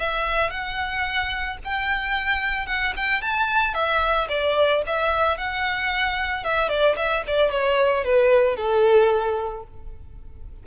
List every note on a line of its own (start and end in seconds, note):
0.00 0.51 E5
0.51 1.58 F#5
1.65 2.67 G5
2.67 2.94 F#5
2.97 3.22 G5
3.22 3.75 A5
3.75 4.28 E5
4.29 4.83 D5
4.87 5.38 E5
5.38 6.44 F#5
6.44 6.69 E5
6.69 6.96 D5
6.97 7.23 E5
7.28 7.52 D5
7.52 8.05 C#5
8.05 8.56 B4
8.56 9.64 A4